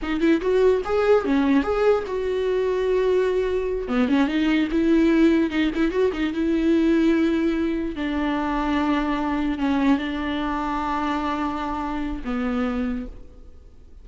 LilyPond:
\new Staff \with { instrumentName = "viola" } { \time 4/4 \tempo 4 = 147 dis'8 e'8 fis'4 gis'4 cis'4 | gis'4 fis'2.~ | fis'4. b8 cis'8 dis'4 e'8~ | e'4. dis'8 e'8 fis'8 dis'8 e'8~ |
e'2.~ e'8 d'8~ | d'2.~ d'8 cis'8~ | cis'8 d'2.~ d'8~ | d'2 b2 | }